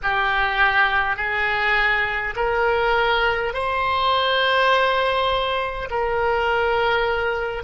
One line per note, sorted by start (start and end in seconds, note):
0.02 1.16 G4
1.16 2.34 G#4
2.35 3.53 A#4
3.53 5.88 C5
5.90 7.63 A#4